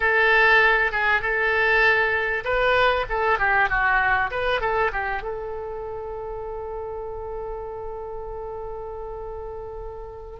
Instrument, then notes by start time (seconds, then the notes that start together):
oboe
0.00 A4
0.91 G#4
1.21 A4
2.44 B4
3.09 A4
3.38 G4
3.69 F#4
4.30 B4
4.60 A4
4.92 G4
5.22 A4